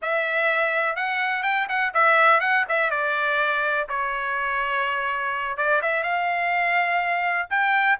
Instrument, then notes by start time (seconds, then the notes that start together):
trumpet
0.02 E5
0.96 F#5
1.43 G5
1.68 F#5
1.94 E5
2.40 F#5
2.69 E5
2.90 D5
3.88 C#5
5.57 D5
5.82 E5
6.03 F5
7.50 G5